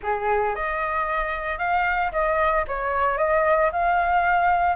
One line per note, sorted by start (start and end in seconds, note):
0.03 0.55 G#4
0.55 1.58 D#5
1.58 2.11 F5
2.12 2.65 D#5
2.67 3.17 C#5
3.17 3.70 D#5
3.71 4.76 F5